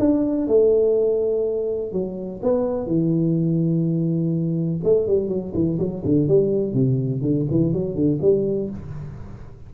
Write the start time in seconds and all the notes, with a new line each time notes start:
0.00 D4
0.48 A3
1.93 F#3
2.43 B3
2.87 E3
4.85 A3
5.07 G3
5.29 F#3
5.54 E3
5.79 F#3
6.05 D3
6.28 G3
6.74 C3
7.22 D3
7.51 E3
7.74 F#3
7.96 D3
8.22 G3